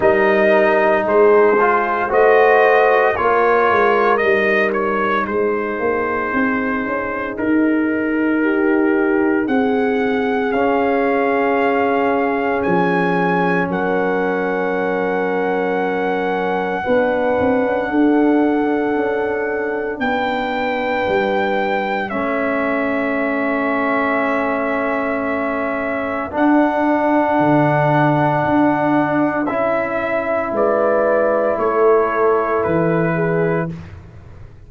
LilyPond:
<<
  \new Staff \with { instrumentName = "trumpet" } { \time 4/4 \tempo 4 = 57 dis''4 c''4 dis''4 cis''4 | dis''8 cis''8 c''2 ais'4~ | ais'4 fis''4 f''2 | gis''4 fis''2.~ |
fis''2. g''4~ | g''4 e''2.~ | e''4 fis''2. | e''4 d''4 cis''4 b'4 | }
  \new Staff \with { instrumentName = "horn" } { \time 4/4 ais'4 gis'4 c''4 ais'4~ | ais'4 gis'2. | g'4 gis'2.~ | gis'4 ais'2. |
b'4 a'2 b'4~ | b'4 a'2.~ | a'1~ | a'4 b'4 a'4. gis'8 | }
  \new Staff \with { instrumentName = "trombone" } { \time 4/4 dis'4. f'8 fis'4 f'4 | dis'1~ | dis'2 cis'2~ | cis'1 |
d'1~ | d'4 cis'2.~ | cis'4 d'2. | e'1 | }
  \new Staff \with { instrumentName = "tuba" } { \time 4/4 g4 gis4 a4 ais8 gis8 | g4 gis8 ais8 c'8 cis'8 dis'4~ | dis'4 c'4 cis'2 | f4 fis2. |
b8 c'16 cis'16 d'4 cis'4 b4 | g4 a2.~ | a4 d'4 d4 d'4 | cis'4 gis4 a4 e4 | }
>>